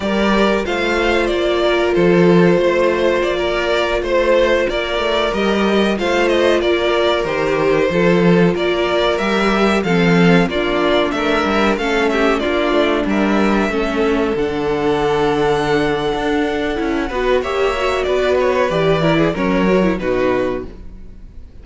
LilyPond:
<<
  \new Staff \with { instrumentName = "violin" } { \time 4/4 \tempo 4 = 93 d''4 f''4 d''4 c''4~ | c''4 d''4~ d''16 c''4 d''8.~ | d''16 dis''4 f''8 dis''8 d''4 c''8.~ | c''4~ c''16 d''4 e''4 f''8.~ |
f''16 d''4 e''4 f''8 e''8 d''8.~ | d''16 e''2 fis''4.~ fis''16~ | fis''2. e''4 | d''8 cis''8 d''4 cis''4 b'4 | }
  \new Staff \with { instrumentName = "violin" } { \time 4/4 ais'4 c''4. ais'8 a'4 | c''4~ c''16 ais'4 c''4 ais'8.~ | ais'4~ ais'16 c''4 ais'4.~ ais'16~ | ais'16 a'4 ais'2 a'8.~ |
a'16 f'4 ais'4 a'8 g'8 f'8.~ | f'16 ais'4 a'2~ a'8.~ | a'2~ a'8 b'8 cis''4 | b'4. ais'16 gis'16 ais'4 fis'4 | }
  \new Staff \with { instrumentName = "viola" } { \time 4/4 g'4 f'2.~ | f'1~ | f'16 g'4 f'2 g'8.~ | g'16 f'2 g'4 c'8.~ |
c'16 d'2 cis'4 d'8.~ | d'4~ d'16 cis'4 d'4.~ d'16~ | d'2 e'8 fis'8 g'8 fis'8~ | fis'4 g'8 e'8 cis'8 fis'16 e'16 dis'4 | }
  \new Staff \with { instrumentName = "cello" } { \time 4/4 g4 a4 ais4 f4 | a4 ais4~ ais16 a4 ais8 a16~ | a16 g4 a4 ais4 dis8.~ | dis16 f4 ais4 g4 f8.~ |
f16 ais4 a8 g8 a4 ais8 a16~ | a16 g4 a4 d4.~ d16~ | d4 d'4 cis'8 b8 ais4 | b4 e4 fis4 b,4 | }
>>